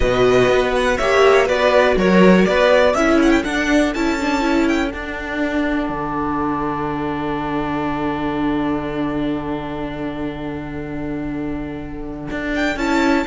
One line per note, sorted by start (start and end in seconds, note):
0.00 0.48 B2
0.00 0.98 F#4
0.00 0.97 B4
0.00 0.72 D#5
0.48 0.97 B3
0.75 0.97 F#5
0.97 1.49 A#3
0.97 1.46 G4
0.97 1.45 C#5
0.97 1.47 E5
1.45 1.96 B3
1.45 2.94 F#4
1.45 1.95 B4
1.45 1.97 D5
1.96 2.45 F#3
1.96 2.47 A#4
1.96 2.45 C#5
2.45 2.94 B3
2.45 2.96 B4
2.45 2.94 D5
2.94 3.43 C#4
2.94 3.44 E4
2.94 13.27 A4
2.94 3.18 E5
3.22 3.30 F#5
3.30 3.43 G5
3.44 3.93 D4
3.44 3.95 D4
3.44 3.93 F#5
3.93 4.93 C#4
3.93 4.19 E4
3.93 4.67 A5
4.20 4.40 D4
4.40 4.89 E4
4.67 4.91 G5
4.91 12.78 D4
4.91 5.89 D4
4.91 12.53 F#5
5.89 12.28 D3
12.30 12.76 D4
12.55 12.77 G5
12.76 13.25 C#4
12.76 13.27 E4
12.76 13.27 A5